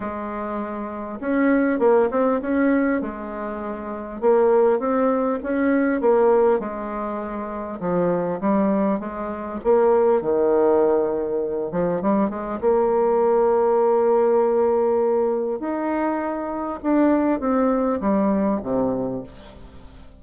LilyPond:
\new Staff \with { instrumentName = "bassoon" } { \time 4/4 \tempo 4 = 100 gis2 cis'4 ais8 c'8 | cis'4 gis2 ais4 | c'4 cis'4 ais4 gis4~ | gis4 f4 g4 gis4 |
ais4 dis2~ dis8 f8 | g8 gis8 ais2.~ | ais2 dis'2 | d'4 c'4 g4 c4 | }